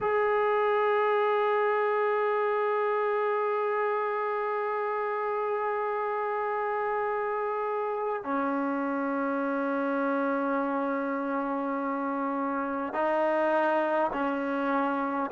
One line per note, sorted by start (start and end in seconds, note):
0.00 8.23 G#4
8.23 12.93 C#4
12.93 14.11 D#4
14.12 15.30 C#4